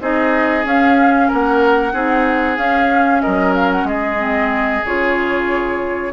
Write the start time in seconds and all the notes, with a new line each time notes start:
0.00 C4 D#4 G#4 D#5
0.64 C#4 F5
1.27 A#3 A#4 F#5
1.93 C4 D#4 G#4
2.57 C#4 F5
3.21 F#3 A#4 D#5
3.55 F5
3.71 F#5
3.83 G#3 G#4 D#5
4.17 C4
4.85 C#3 F4 C#5